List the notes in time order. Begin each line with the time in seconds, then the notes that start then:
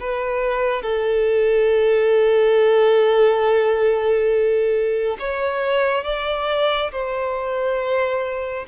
0.00 B4
0.82 A4
5.19 C#5
6.04 D5
6.92 C5